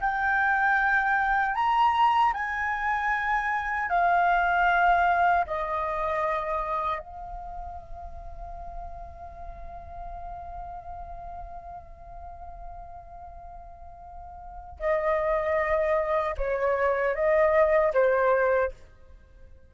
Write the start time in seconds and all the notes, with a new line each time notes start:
0.00 G5
1.55 A#5
2.33 G#5
3.89 F5
5.46 D#5
6.99 F5
14.79 D#5
16.37 C#5
17.15 D#5
17.94 C5